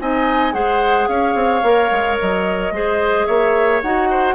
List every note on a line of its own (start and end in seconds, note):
0.00 0.53 C4
0.00 0.53 D#4
0.00 0.54 D#5
0.00 0.53 G#5
0.53 1.08 G#3
0.53 1.62 G#4
0.53 1.09 C5
0.53 1.07 F#5
1.08 1.35 C#4
1.08 2.73 C#5
1.08 2.17 F5
1.35 1.62 C4
1.63 1.90 A#3
1.63 2.73 A#4
1.91 2.18 G#3
2.20 2.71 F#3
2.20 3.26 D#5
2.71 3.25 G#3
2.71 3.82 G#4
2.71 3.27 C5
3.26 3.83 A#3
3.26 4.08 C#5
3.26 3.81 E5
3.82 4.35 D#4
3.82 4.35 F#4
3.82 4.35 F#5
4.10 4.35 C5